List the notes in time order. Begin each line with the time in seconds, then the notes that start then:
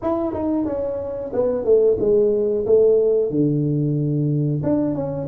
0.02 E4
0.33 D#4
0.65 C#4
1.33 B3
1.64 A3
1.99 G#3
2.66 A3
3.30 D3
4.63 D4
4.95 C#4